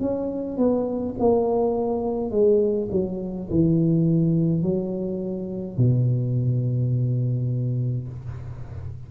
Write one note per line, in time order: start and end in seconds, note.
0.00 0.57 C#4
0.57 1.15 B3
1.20 2.31 A#3
2.31 2.88 G#3
2.92 3.49 F#3
3.50 4.63 E3
4.63 5.77 F#3
5.77 8.08 B2